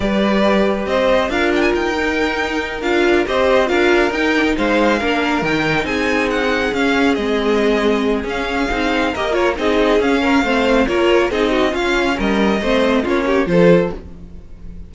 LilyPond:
<<
  \new Staff \with { instrumentName = "violin" } { \time 4/4 \tempo 4 = 138 d''2 dis''4 f''8 g''16 gis''16 | g''2~ g''8 f''4 dis''8~ | dis''8 f''4 g''4 f''4.~ | f''8 g''4 gis''4 fis''4 f''8~ |
f''8 dis''2~ dis''8 f''4~ | f''4 dis''8 cis''8 dis''4 f''4~ | f''4 cis''4 dis''4 f''4 | dis''2 cis''4 c''4 | }
  \new Staff \with { instrumentName = "violin" } { \time 4/4 b'2 c''4 ais'4~ | ais'2.~ ais'8 c''8~ | c''8 ais'2 c''4 ais'8~ | ais'4. gis'2~ gis'8~ |
gis'1~ | gis'4 ais'4 gis'4. ais'8 | c''4 ais'4 gis'8 fis'8 f'4 | ais'4 c''4 f'8 g'8 a'4 | }
  \new Staff \with { instrumentName = "viola" } { \time 4/4 g'2. f'4~ | f'8 dis'2 f'4 g'8~ | g'8 f'4 dis'8 d'16 dis'4~ dis'16 d'8~ | d'8 dis'2. cis'8~ |
cis'8 c'2~ c'8 cis'4 | dis'4 g'8 f'8 dis'4 cis'4 | c'4 f'4 dis'4 cis'4~ | cis'4 c'4 cis'4 f'4 | }
  \new Staff \with { instrumentName = "cello" } { \time 4/4 g2 c'4 d'4 | dis'2~ dis'8 d'4 c'8~ | c'8 d'4 dis'4 gis4 ais8~ | ais8 dis4 c'2 cis'8~ |
cis'8 gis2~ gis8 cis'4 | c'4 ais4 c'4 cis'4 | a4 ais4 c'4 cis'4 | g4 a4 ais4 f4 | }
>>